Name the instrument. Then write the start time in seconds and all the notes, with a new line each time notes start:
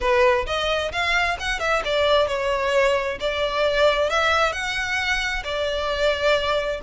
violin
0.00 B4
0.46 D#5
0.92 F5
1.39 F#5
1.59 E5
1.84 D5
2.27 C#5
3.20 D5
4.10 E5
4.52 F#5
5.44 D5